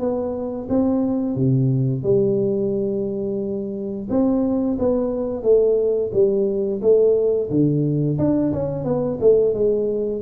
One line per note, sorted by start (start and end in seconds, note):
0.00 0.68 B3
0.69 1.36 C4
1.36 2.04 C3
2.04 4.08 G3
4.10 4.78 C4
4.79 5.43 B3
5.43 6.11 A3
6.14 6.82 G3
6.82 7.50 A3
7.50 8.18 D3
8.19 8.53 D4
8.53 8.85 C#4
8.85 9.19 B3
9.21 9.55 A3
9.55 10.23 G#3